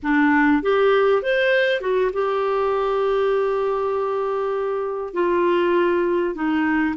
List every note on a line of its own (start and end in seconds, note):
0.02 0.62 D4
0.62 1.22 G4
1.22 1.80 C5
1.80 2.10 F#4
2.12 5.13 G4
5.13 6.34 F4
6.34 6.95 D#4